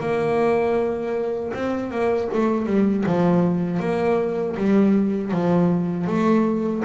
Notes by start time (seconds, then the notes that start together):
0.00 A#3
1.53 C4
1.91 A#3
2.33 A3
2.66 G3
3.06 F3
3.79 A#3
4.56 G3
5.31 F3
6.07 A3